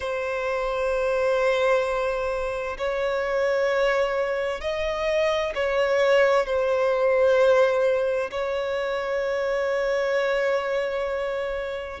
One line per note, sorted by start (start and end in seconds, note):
0.00 2.77 C5
2.77 4.61 C#5
4.61 5.53 D#5
5.54 6.46 C#5
6.46 8.30 C5
8.31 12.00 C#5